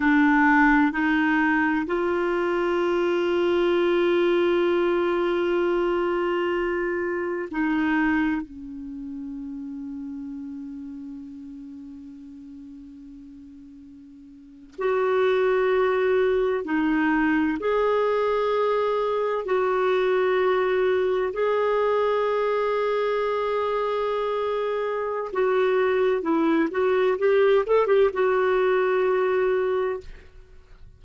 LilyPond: \new Staff \with { instrumentName = "clarinet" } { \time 4/4 \tempo 4 = 64 d'4 dis'4 f'2~ | f'1 | dis'4 cis'2.~ | cis'2.~ cis'8. fis'16~ |
fis'4.~ fis'16 dis'4 gis'4~ gis'16~ | gis'8. fis'2 gis'4~ gis'16~ | gis'2. fis'4 | e'8 fis'8 g'8 a'16 g'16 fis'2 | }